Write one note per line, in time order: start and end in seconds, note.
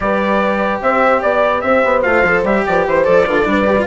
0.00 0.80 G3
0.00 2.04 G4
0.00 0.82 B4
0.00 0.81 D5
0.81 1.22 C4
0.81 1.21 C5
0.81 1.21 E5
1.21 1.63 B3
1.21 1.61 D5
1.21 1.62 D5
1.61 1.83 C4
1.61 2.65 C5
1.61 2.01 E5
1.84 2.04 B3
2.02 2.24 A3
2.02 2.24 F4
2.02 2.43 F5
2.24 2.43 F3
2.24 2.45 A4
2.43 2.63 G3
2.43 3.04 G4
2.43 2.66 E5
2.66 2.85 F3
2.66 2.88 B4
2.66 2.86 D5
2.85 3.06 E3
2.85 3.04 C5
2.85 3.27 C5
3.04 3.27 F3
3.04 3.24 A4
3.04 3.86 D5
3.26 3.45 D3
3.26 3.44 F4
3.26 3.37 B4
3.37 3.47 A4
3.44 3.86 G3
3.44 3.65 D4
3.44 3.86 B4
3.66 3.76 G4
3.78 3.86 F4